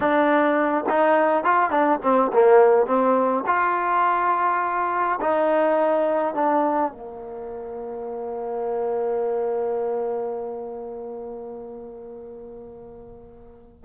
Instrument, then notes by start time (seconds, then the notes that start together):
trombone
0.00 D4
0.89 D#4
1.44 F4
1.70 D4
2.02 C4
2.32 A#3
2.86 C4
3.46 F4
5.21 D#4
6.34 D4
6.92 A#3